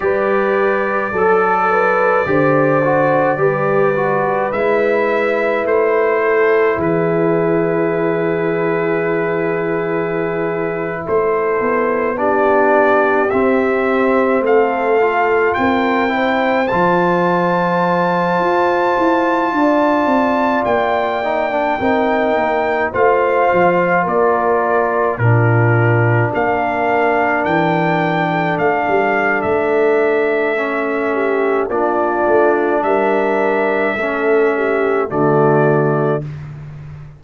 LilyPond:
<<
  \new Staff \with { instrumentName = "trumpet" } { \time 4/4 \tempo 4 = 53 d''1 | e''4 c''4 b'2~ | b'4.~ b'16 c''4 d''4 e''16~ | e''8. f''4 g''4 a''4~ a''16~ |
a''2~ a''16 g''4.~ g''16~ | g''16 f''4 d''4 ais'4 f''8.~ | f''16 g''4 f''8. e''2 | d''4 e''2 d''4 | }
  \new Staff \with { instrumentName = "horn" } { \time 4/4 b'4 a'8 b'8 c''4 b'4~ | b'4. a'8 gis'2~ | gis'4.~ gis'16 a'4 g'4~ g'16~ | g'8. a'4 ais'8 c''4.~ c''16~ |
c''4~ c''16 d''2 ais'8.~ | ais'16 c''4 ais'4 f'4 ais'8.~ | ais'4 a'2~ a'8 g'8 | f'4 ais'4 a'8 g'8 fis'4 | }
  \new Staff \with { instrumentName = "trombone" } { \time 4/4 g'4 a'4 g'8 fis'8 g'8 fis'8 | e'1~ | e'2~ e'8. d'4 c'16~ | c'4~ c'16 f'4 e'8 f'4~ f'16~ |
f'2~ f'8. dis'16 d'16 dis'8.~ | dis'16 f'2 d'4.~ d'16~ | d'2. cis'4 | d'2 cis'4 a4 | }
  \new Staff \with { instrumentName = "tuba" } { \time 4/4 g4 fis4 d4 g4 | gis4 a4 e2~ | e4.~ e16 a8 b4. c'16~ | c'8. a4 c'4 f4~ f16~ |
f16 f'8 e'8 d'8 c'8 ais4 c'8 ais16~ | ais16 a8 f8 ais4 ais,4 ais8.~ | ais16 e4 a16 g8 a2 | ais8 a8 g4 a4 d4 | }
>>